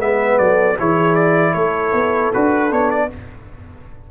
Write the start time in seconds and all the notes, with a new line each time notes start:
0.00 G#3 B3 B4 E5
0.39 F#3 A4 D5
0.79 E3 E4 G#4 C#5
1.15 D5
1.53 A3 A4 C#5
1.93 B3
2.34 D4 F#4 B4
2.71 B3 D4 C#5
2.91 D5